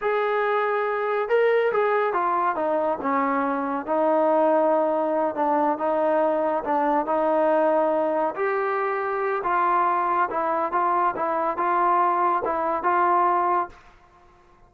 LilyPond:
\new Staff \with { instrumentName = "trombone" } { \time 4/4 \tempo 4 = 140 gis'2. ais'4 | gis'4 f'4 dis'4 cis'4~ | cis'4 dis'2.~ | dis'8 d'4 dis'2 d'8~ |
d'8 dis'2. g'8~ | g'2 f'2 | e'4 f'4 e'4 f'4~ | f'4 e'4 f'2 | }